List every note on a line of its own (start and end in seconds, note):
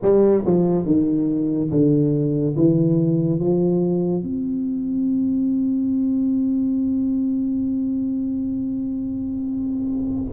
0.02 0.44 G3
0.45 0.85 F3
0.85 1.70 D#3
1.70 2.55 D3
2.56 3.39 E3
3.39 4.23 F3
4.23 10.33 C4